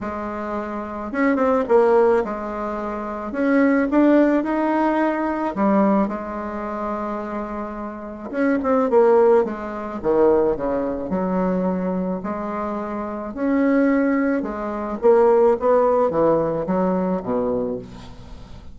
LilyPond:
\new Staff \with { instrumentName = "bassoon" } { \time 4/4 \tempo 4 = 108 gis2 cis'8 c'8 ais4 | gis2 cis'4 d'4 | dis'2 g4 gis4~ | gis2. cis'8 c'8 |
ais4 gis4 dis4 cis4 | fis2 gis2 | cis'2 gis4 ais4 | b4 e4 fis4 b,4 | }